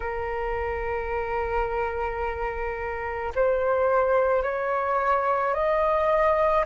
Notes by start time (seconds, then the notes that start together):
0.00 A#4
3.35 C5
4.42 C#5
5.54 D#5